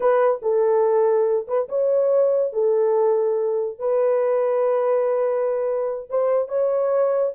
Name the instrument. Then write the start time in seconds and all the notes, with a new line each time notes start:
horn
0.00 B4
0.42 A4
1.47 B4
1.68 C#5
2.53 A4
3.78 B4
6.09 C5
6.48 C#5